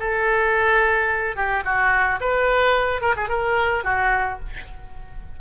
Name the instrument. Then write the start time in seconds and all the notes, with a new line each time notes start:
oboe
0.00 A4
1.36 G4
1.65 F#4
2.21 B4
3.02 A#4
3.17 G#4
3.29 A#4
3.84 F#4